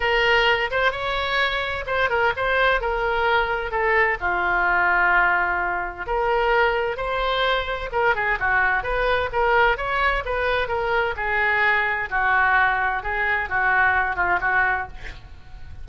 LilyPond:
\new Staff \with { instrumentName = "oboe" } { \time 4/4 \tempo 4 = 129 ais'4. c''8 cis''2 | c''8 ais'8 c''4 ais'2 | a'4 f'2.~ | f'4 ais'2 c''4~ |
c''4 ais'8 gis'8 fis'4 b'4 | ais'4 cis''4 b'4 ais'4 | gis'2 fis'2 | gis'4 fis'4. f'8 fis'4 | }